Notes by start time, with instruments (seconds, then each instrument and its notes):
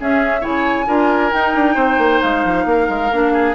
0.00 bassoon C#4, clarinet C#4, oboe G#4, flute E5
0.40 bassoon C#3, clarinet E4, oboe C#5, flute G#5
0.87 bassoon D4, clarinet F4, oboe A#4
1.31 clarinet D#4, bassoon D#4, flute G5
1.55 bassoon D4
1.74 bassoon C4, oboe C5
1.98 bassoon A#3
2.21 bassoon G#3, flute F5
2.44 bassoon F3
2.65 bassoon A#3, oboe A#4
2.89 bassoon G#3
3.11 bassoon A#3, clarinet D4
3.33 oboe G#4